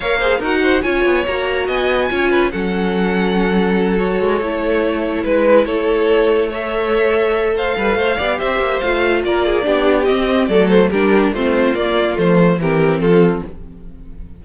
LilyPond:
<<
  \new Staff \with { instrumentName = "violin" } { \time 4/4 \tempo 4 = 143 f''4 fis''4 gis''4 ais''4 | gis''2 fis''2~ | fis''4. cis''2~ cis''8~ | cis''8 b'4 cis''2 e''8~ |
e''2 f''2 | e''4 f''4 d''2 | dis''4 d''8 c''8 ais'4 c''4 | d''4 c''4 ais'4 a'4 | }
  \new Staff \with { instrumentName = "violin" } { \time 4/4 cis''8 c''8 ais'8 c''8 cis''2 | dis''4 cis''8 b'8 a'2~ | a'1~ | a'8 b'4 a'2 cis''8~ |
cis''2 c''8 b'8 c''8 d''8 | c''2 ais'8 gis'8 g'4~ | g'4 a'4 g'4 f'4~ | f'2 g'4 f'4 | }
  \new Staff \with { instrumentName = "viola" } { \time 4/4 ais'8 gis'8 fis'4 f'4 fis'4~ | fis'4 f'4 cis'2~ | cis'4. fis'4 e'4.~ | e'2.~ e'8 a'8~ |
a'2.~ a'8 g'8~ | g'4 f'2 d'4 | c'4 a4 d'4 c'4 | ais4 a4 c'2 | }
  \new Staff \with { instrumentName = "cello" } { \time 4/4 ais4 dis'4 cis'8 b8 ais4 | b4 cis'4 fis2~ | fis2 gis8 a4.~ | a8 gis4 a2~ a8~ |
a2~ a8 g8 a8 b8 | c'8 ais8 a4 ais4 b4 | c'4 fis4 g4 a4 | ais4 f4 e4 f4 | }
>>